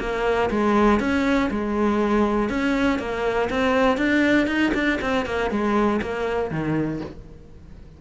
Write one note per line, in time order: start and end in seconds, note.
0.00 0.50 A#3
0.51 1.00 G#3
1.00 1.50 C#4
1.51 2.50 G#3
2.50 2.99 C#4
2.99 3.49 A#3
3.50 3.98 C4
3.98 4.47 D4
4.47 4.72 D#4
4.75 5.00 D4
5.02 5.26 C4
5.26 5.51 A#3
5.51 6.01 G#3
6.02 6.51 A#3
6.51 7.01 D#3